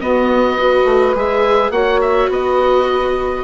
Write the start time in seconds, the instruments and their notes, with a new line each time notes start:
0.00 viola B3, bassoon B3, saxophone F#4, oboe D#5
0.58 viola F#4, saxophone B4
0.85 bassoon A3
1.15 bassoon G#3, viola G#4, oboe E5
1.70 bassoon A#3, viola F#4, saxophone C#5, oboe F#5
2.01 oboe E5
2.29 bassoon B3, saxophone B4, oboe D#5